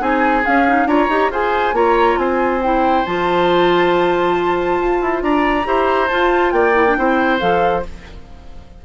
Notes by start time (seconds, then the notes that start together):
0.00 C4 D#4 G#4 G#5
0.44 C#4 F5
0.67 D#4
0.86 D4 F4 C#5 A#5
1.09 D#4 G4
1.30 F4 G#4 C5 G#5
1.73 A#3 F4 C#5 A#5
2.17 C4 C5 G#5
2.63 E4 G5
3.06 F3 F4 A5
4.80 F4
5.01 E4
5.22 D4 D5 A#5
5.64 E4 G4 C5
6.08 F4 A5
6.52 A#3 D5 G5
6.74 E4
6.88 D4
6.98 C4 E4 C5
7.39 F3 A4 F5